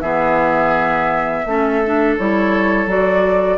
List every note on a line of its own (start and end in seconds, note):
0.00 1.43 E3
0.00 1.45 B3
0.00 1.44 G#4
0.00 2.14 E5
1.45 2.17 A3
1.45 1.83 C#4
1.45 3.58 A4
1.84 2.18 D4
2.17 2.86 G3
2.17 2.87 E4
2.17 2.89 C#5
2.86 3.58 F#3
2.86 3.58 F#4
2.86 3.58 D5